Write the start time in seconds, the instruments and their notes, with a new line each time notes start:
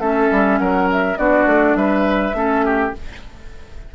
0.00 bassoon A3, clarinet C#4, oboe A4, flute E5
0.31 bassoon G3
0.59 bassoon F#3, oboe A#4, flute F#5
0.92 flute E5
1.18 bassoon B3, clarinet D4, oboe F#4, flute D5
1.46 bassoon A3
1.76 bassoon G3, oboe B4, flute E5
2.34 bassoon A3, clarinet C#4, oboe A4
2.66 oboe G4